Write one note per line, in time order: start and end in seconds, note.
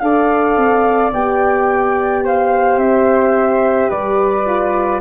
0.00 0.57 D4
0.00 1.13 A4
0.00 2.25 D5
0.00 1.11 F5
0.57 1.13 C4
1.14 2.78 B3
1.14 4.46 G4
1.14 2.25 G5
2.25 3.90 C5
2.25 2.80 F5
2.78 3.89 C4
2.78 3.91 E5
3.90 5.01 G3
3.90 5.01 B4
3.90 5.01 D5
4.46 5.01 F4